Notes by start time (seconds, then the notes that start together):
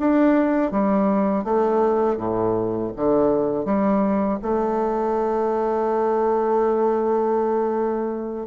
0.00 D4
0.72 G3
1.44 A3
2.18 A2
2.97 D3
3.65 G3
4.42 A3